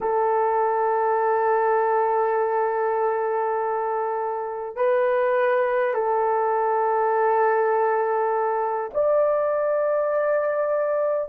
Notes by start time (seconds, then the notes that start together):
0.00 A4
4.76 B4
5.94 A4
8.94 D5